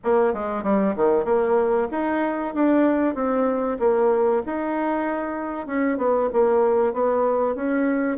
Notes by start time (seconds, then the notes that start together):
0.03 A#3
0.33 G#3
0.63 G3
0.96 D#3
1.24 A#3
1.91 D#4
2.54 D4
3.14 C4
3.79 A#3
4.46 D#4
5.67 C#4
5.97 B3
6.32 A#3
6.93 B3
7.55 C#4